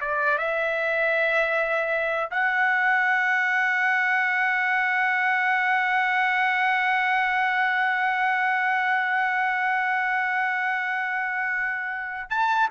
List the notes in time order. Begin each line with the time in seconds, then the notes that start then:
0.00 D5
0.38 E5
2.30 F#5
12.30 A5